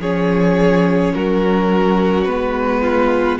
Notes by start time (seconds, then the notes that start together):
0.00 F3 C#4 G#4 C#5
1.15 F#3 F#4 A#4
2.25 G#3 B3 B4
2.82 F4